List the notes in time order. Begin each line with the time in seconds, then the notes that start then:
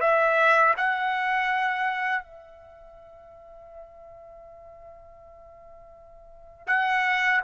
0.00 E5
0.77 F#5
2.23 E5
6.67 F#5